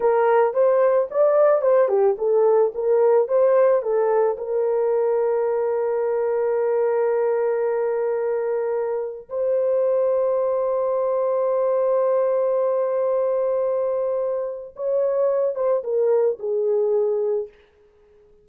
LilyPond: \new Staff \with { instrumentName = "horn" } { \time 4/4 \tempo 4 = 110 ais'4 c''4 d''4 c''8 g'8 | a'4 ais'4 c''4 a'4 | ais'1~ | ais'1~ |
ais'4 c''2.~ | c''1~ | c''2. cis''4~ | cis''8 c''8 ais'4 gis'2 | }